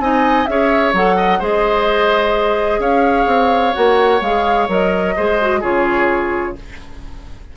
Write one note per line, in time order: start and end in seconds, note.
0.00 0.47 C4
0.00 0.48 D#4
0.00 0.50 D#5
0.00 0.46 G#5
0.46 0.94 C#4
0.46 0.95 G#4
0.46 1.17 C#5
0.46 0.93 E5
0.94 1.40 F#3
0.94 1.41 A4
0.94 1.43 F#5
1.17 1.40 D#5
1.40 2.79 G#3
1.40 3.73 G#4
1.40 2.80 C5
1.40 2.81 D#5
2.79 3.26 C#4
2.79 5.15 C#5
2.79 3.75 F5
3.26 3.73 C4
3.73 4.21 A#3
3.73 4.20 F#4
3.73 4.21 F#5
4.21 4.68 G#3
4.21 4.69 G#4
4.21 4.69 F5
4.69 5.16 F#3
4.69 5.16 A#4
4.69 5.63 D#5
5.17 5.63 G#3
5.17 5.40 G#4
5.17 5.61 C5
5.41 5.62 F#4
5.61 6.57 C#3
5.61 6.56 F4
5.61 6.55 G#4
5.61 6.57 C#5